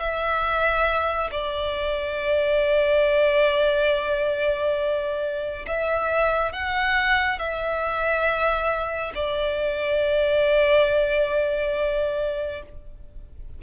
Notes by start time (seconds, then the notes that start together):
0.00 E5
1.32 D5
5.67 E5
6.53 F#5
7.39 E5
9.15 D5